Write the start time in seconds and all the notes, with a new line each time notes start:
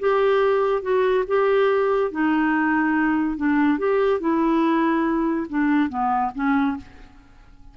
0.00 G4
0.82 F#4
1.28 G4
2.12 D#4
3.37 D4
3.79 G4
4.20 E4
5.49 D4
5.89 B3
6.35 C#4